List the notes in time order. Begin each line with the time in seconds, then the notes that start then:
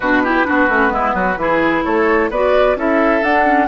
0.00 B2 D4 F#4 B4
0.23 E4 G4
0.45 B3 D4 F#4
0.68 A3 C#4
0.88 G#3 B3 E4
1.14 F#3 F#4
1.36 E3 E4 G#4
1.84 A3 A4 C#5
2.30 B3 F#4 B4 D5
2.76 C#4 E4 A4 E5
3.22 D4 F#5
3.45 C#4